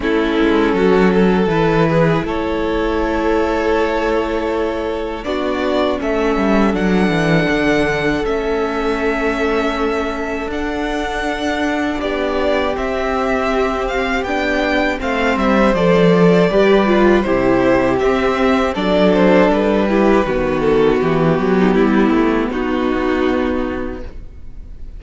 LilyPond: <<
  \new Staff \with { instrumentName = "violin" } { \time 4/4 \tempo 4 = 80 a'2 b'4 cis''4~ | cis''2. d''4 | e''4 fis''2 e''4~ | e''2 fis''2 |
d''4 e''4. f''8 g''4 | f''8 e''8 d''2 c''4 | e''4 d''8 c''8 b'4. a'8 | g'2 fis'2 | }
  \new Staff \with { instrumentName = "violin" } { \time 4/4 e'4 fis'8 a'4 gis'8 a'4~ | a'2. fis'4 | a'1~ | a'1 |
g'1 | c''2 b'4 g'4~ | g'4 a'4. g'8 fis'4~ | fis'8. dis'16 e'4 dis'2 | }
  \new Staff \with { instrumentName = "viola" } { \time 4/4 cis'2 e'2~ | e'2. d'4 | cis'4 d'2 cis'4~ | cis'2 d'2~ |
d'4 c'2 d'4 | c'4 a'4 g'8 f'8 e'4 | c'4 d'4. e'8 b4~ | b1 | }
  \new Staff \with { instrumentName = "cello" } { \time 4/4 a8 gis8 fis4 e4 a4~ | a2. b4 | a8 g8 fis8 e8 d4 a4~ | a2 d'2 |
b4 c'2 b4 | a8 g8 f4 g4 c4 | c'4 fis4 g4 dis4 | e8 fis8 g8 a8 b2 | }
>>